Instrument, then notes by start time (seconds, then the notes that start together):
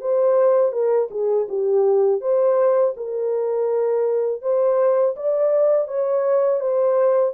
horn
0.00 C5
0.72 A#4
1.10 G#4
1.48 G4
2.21 C5
2.96 A#4
4.41 C5
5.16 D5
5.87 C#5
6.60 C5